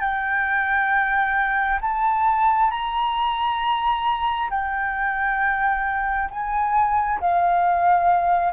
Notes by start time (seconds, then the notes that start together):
0.00 G5
1.81 A5
2.70 A#5
4.50 G5
6.30 G#5
7.20 F5